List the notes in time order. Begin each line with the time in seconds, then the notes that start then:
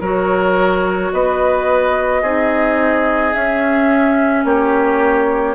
0.00 F#3 F#4 A#4 C#5
1.12 B3 B4 D#5
2.22 C4 D#4 G#4
3.33 C#4 E5
4.44 A#3 G4 C#5